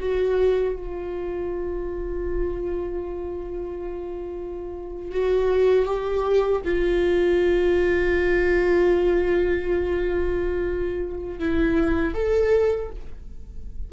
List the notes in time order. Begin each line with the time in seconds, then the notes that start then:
0.00 F#4
0.76 F4
5.12 F#4
5.86 G4
6.65 F4
11.39 E4
12.14 A4